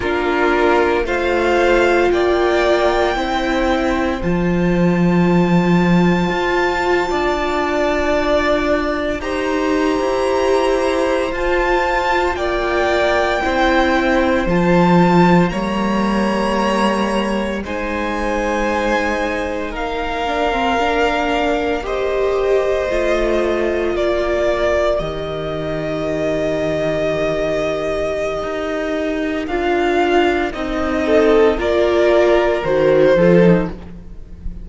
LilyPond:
<<
  \new Staff \with { instrumentName = "violin" } { \time 4/4 \tempo 4 = 57 ais'4 f''4 g''2 | a''1~ | a''8. ais''2 a''4 g''16~ | g''4.~ g''16 a''4 ais''4~ ais''16~ |
ais''8. gis''2 f''4~ f''16~ | f''8. dis''2 d''4 dis''16~ | dis''1 | f''4 dis''4 d''4 c''4 | }
  \new Staff \with { instrumentName = "violin" } { \time 4/4 f'4 c''4 d''4 c''4~ | c''2~ c''8. d''4~ d''16~ | d''8. c''2. d''16~ | d''8. c''2 cis''4~ cis''16~ |
cis''8. c''2 ais'4~ ais'16~ | ais'8. c''2 ais'4~ ais'16~ | ais'1~ | ais'4. a'8 ais'4. a'8 | }
  \new Staff \with { instrumentName = "viola" } { \time 4/4 d'4 f'2 e'4 | f'1~ | f'8. g'2 f'4~ f'16~ | f'8. e'4 f'4 ais4~ ais16~ |
ais8. dis'2~ dis'8 d'16 c'16 d'16~ | d'8. g'4 f'2 g'16~ | g'1 | f'4 dis'4 f'4 fis'8 f'16 dis'16 | }
  \new Staff \with { instrumentName = "cello" } { \time 4/4 ais4 a4 ais4 c'4 | f2 f'8. d'4~ d'16~ | d'8. dis'8. e'4~ e'16 f'4 ais16~ | ais8. c'4 f4 g4~ g16~ |
g8. gis2 ais4~ ais16~ | ais4.~ ais16 a4 ais4 dis16~ | dis2. dis'4 | d'4 c'4 ais4 dis8 f8 | }
>>